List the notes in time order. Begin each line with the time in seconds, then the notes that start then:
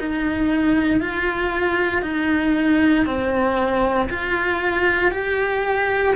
0.00 D#4
1.01 F4
2.02 D#4
3.06 C4
4.10 F4
5.12 G4